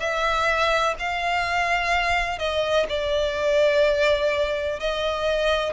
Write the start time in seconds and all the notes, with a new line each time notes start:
0.00 E5
0.99 F5
2.39 D#5
2.89 D5
4.80 D#5